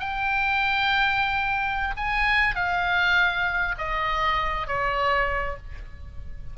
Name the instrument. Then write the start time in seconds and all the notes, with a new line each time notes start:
oboe
0.00 G5
1.97 G#5
2.55 F5
3.78 D#5
4.67 C#5